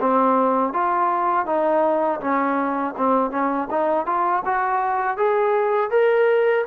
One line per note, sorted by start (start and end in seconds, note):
0.00 0.73 C4
0.73 1.45 F4
1.45 2.20 D#4
2.20 2.94 C#4
2.97 3.31 C4
3.31 3.67 C#4
3.70 4.05 D#4
4.05 4.42 F4
4.45 5.17 F#4
5.17 5.90 G#4
5.90 6.64 A#4